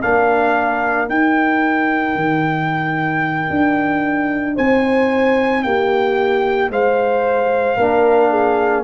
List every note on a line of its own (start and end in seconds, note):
0.00 1.09 A#3
0.00 1.07 D4
0.00 4.55 A#4
0.00 1.09 F5
1.07 7.77 D#4
1.07 2.16 D#4
1.07 4.58 G5
2.16 3.50 D#3
3.50 4.57 D4
4.55 5.65 C4
4.55 5.62 C5
4.55 5.63 G#5
5.63 6.70 A#3
5.63 6.72 G4
5.63 6.71 G5
6.70 7.77 G#3
6.70 7.77 C5
6.70 8.84 F5
7.77 8.84 A#3
7.77 8.84 D4
7.77 8.30 A#4
8.30 8.84 G#4